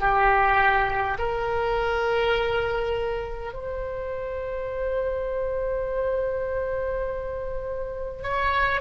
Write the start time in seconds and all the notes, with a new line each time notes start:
0.00 G4
1.19 A#4
3.53 C5
8.23 C#5